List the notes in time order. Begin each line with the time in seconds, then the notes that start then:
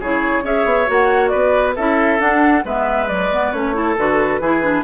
0.00 C#3 E4 G#4 C#5
0.44 C#4 G#4 C#5 E5
0.65 B3
0.87 A#3 F#4 F#5
1.29 B3 B4 D5
1.76 C#4 E4 A4 E5
2.20 D4 F#5
2.65 G#3 B3 B4 E5
3.08 F#3 D5
3.33 B3
3.52 A3 C#4 C#5
3.74 E4 A4
3.98 D3 F#4 B4
4.40 E3 E4 G#4
4.63 D4